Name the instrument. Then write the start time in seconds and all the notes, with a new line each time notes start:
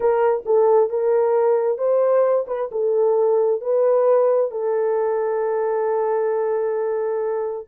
horn
0.00 A#4
0.45 A4
0.89 A#4
1.78 C5
2.47 B4
2.71 A4
3.61 B4
4.51 A4